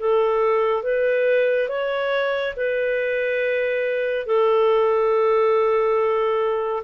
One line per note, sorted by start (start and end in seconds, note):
0.00 0.84 A4
0.84 1.69 B4
1.69 2.55 C#5
2.57 4.27 B4
4.27 6.84 A4